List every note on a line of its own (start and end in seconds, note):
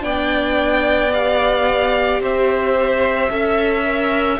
0.00 2.20 B3
0.00 1.09 D4
0.00 2.22 D5
0.00 1.12 G5
1.12 3.30 G4
1.12 2.22 F5
2.20 3.30 C4
2.20 3.32 C5
2.20 4.39 E5
3.30 4.39 C#4
3.30 3.83 A4
3.30 4.39 E5
3.83 4.38 A#4